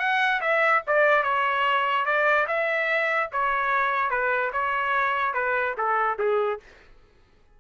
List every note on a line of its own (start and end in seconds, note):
0.00 0.41 F#5
0.41 0.83 E5
0.87 1.24 D5
1.24 2.06 C#5
2.06 2.47 D5
2.48 3.30 E5
3.33 4.11 C#5
4.11 4.52 B4
4.53 5.34 C#5
5.34 5.76 B4
5.78 6.19 A4
6.19 6.60 G#4